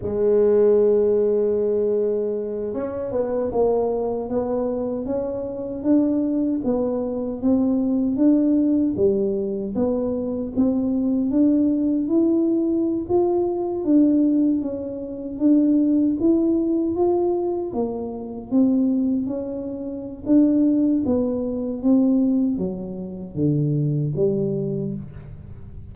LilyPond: \new Staff \with { instrumentName = "tuba" } { \time 4/4 \tempo 4 = 77 gis2.~ gis8 cis'8 | b8 ais4 b4 cis'4 d'8~ | d'8 b4 c'4 d'4 g8~ | g8 b4 c'4 d'4 e'8~ |
e'8. f'4 d'4 cis'4 d'16~ | d'8. e'4 f'4 ais4 c'16~ | c'8. cis'4~ cis'16 d'4 b4 | c'4 fis4 d4 g4 | }